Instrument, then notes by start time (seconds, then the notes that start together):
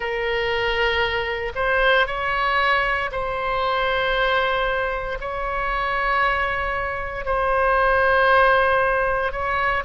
oboe
0.00 A#4
1.55 C5
2.06 C#5
3.11 C5
5.20 C#5
7.25 C5
9.32 C#5